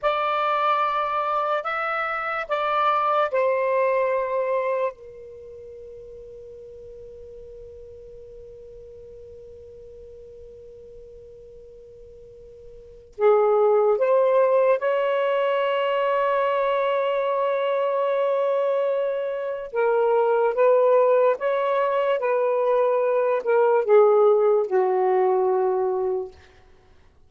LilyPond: \new Staff \with { instrumentName = "saxophone" } { \time 4/4 \tempo 4 = 73 d''2 e''4 d''4 | c''2 ais'2~ | ais'1~ | ais'1 |
gis'4 c''4 cis''2~ | cis''1 | ais'4 b'4 cis''4 b'4~ | b'8 ais'8 gis'4 fis'2 | }